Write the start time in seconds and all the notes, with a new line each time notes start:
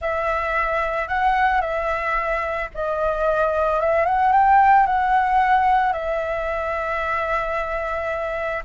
0.01 E5
1.08 F#5
1.61 E5
2.74 D#5
3.80 E5
4.05 F#5
4.32 G5
4.86 F#5
5.92 E5